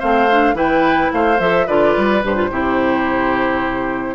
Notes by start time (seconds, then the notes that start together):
0.00 A3 C4 C5 F5
0.31 D4
0.54 E3 E4 B4 G5
1.13 A3 C5 F5
1.39 F3 A4 E5
1.67 D3 F4 B4 D5
1.97 G3
2.24 G2 G4 C5
2.36 F4
2.52 C3 E4 G4